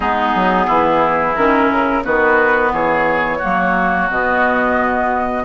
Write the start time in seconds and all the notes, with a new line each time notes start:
0.00 G#3 B3 D#4 G#4
0.34 F#3
0.66 E3 E4
1.35 D#3 C#4 A#4
1.72 C#3
2.03 D#3 B3 F#4 B4
2.71 E3 G#4 C#5
3.38 A#3 F#4
3.44 F#3
4.10 B2 B3 D#5